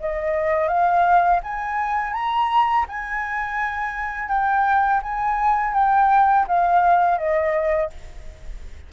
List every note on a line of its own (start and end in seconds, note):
0.00 0.68 D#5
0.68 1.40 F5
1.43 2.13 G#5
2.13 2.86 A#5
2.88 4.28 G#5
4.28 5.00 G5
5.02 5.73 G#5
5.73 6.46 G5
6.47 7.18 F5
7.18 7.90 D#5